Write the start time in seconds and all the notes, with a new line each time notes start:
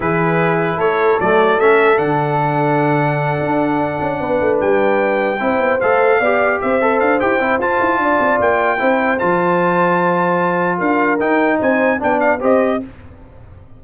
0.00 E3 E4 G#4 B4
0.76 A3 A4 C#5
1.20 F#3 A3 D5
1.58 A3 C#4 E5
1.97 D3 D4 F#5
3.40 D4
4.01 C#4
4.19 B3 B4
4.40 A3
4.60 G3 G5
5.39 C4 E4 C5
5.58 B3
5.80 A3 A4 F5
6.19 B3 G4 D5
6.61 C4 C5 E5
6.81 A4
6.99 D4 F5
7.19 E4 G4 G5
7.39 C4 E4
7.58 F4 A5
7.80 E4
7.98 D4 D5
8.19 C4
8.40 A#3 G5
8.78 C4 E4 C5
9.18 F3 F4 A5
10.78 D4 A#4 F5
11.19 D#4 G5
11.59 C4 C5 G#5
11.99 B3 D4 D5 G5
12.20 F5
12.40 C4 G4 C5 D#5